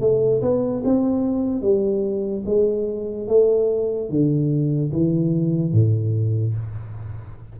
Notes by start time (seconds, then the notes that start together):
0.00 A3
0.41 B3
0.84 C4
1.61 G3
2.45 G#3
3.27 A3
4.09 D3
4.92 E3
5.72 A2